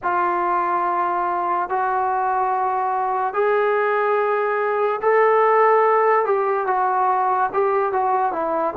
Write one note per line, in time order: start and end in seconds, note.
0.02 1.69 F4
1.69 3.33 F#4
3.33 5.00 G#4
5.01 6.25 A4
6.25 6.66 G4
6.66 7.50 F#4
7.53 7.92 G4
7.92 8.32 F#4
8.32 8.73 E4